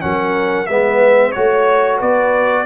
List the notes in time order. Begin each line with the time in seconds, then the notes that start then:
0.00 F#3 C#4 A#4 F#5
0.66 G#3 B3 B4 E5
1.31 A3 F#4 C#5
1.97 B3 B4 D5